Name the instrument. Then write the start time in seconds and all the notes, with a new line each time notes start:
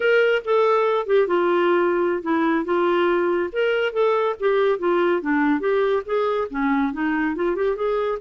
clarinet
0.00 A#4
0.44 A4
1.06 G4
1.27 F4
2.22 E4
2.64 F4
3.52 A#4
3.93 A4
4.39 G4
4.79 F4
5.21 D4
5.60 G4
6.05 G#4
6.50 C#4
6.92 D#4
7.35 F4
7.55 G4
7.76 G#4